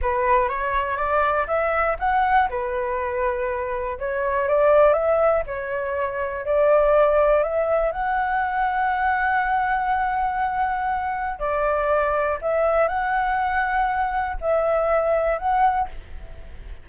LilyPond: \new Staff \with { instrumentName = "flute" } { \time 4/4 \tempo 4 = 121 b'4 cis''4 d''4 e''4 | fis''4 b'2. | cis''4 d''4 e''4 cis''4~ | cis''4 d''2 e''4 |
fis''1~ | fis''2. d''4~ | d''4 e''4 fis''2~ | fis''4 e''2 fis''4 | }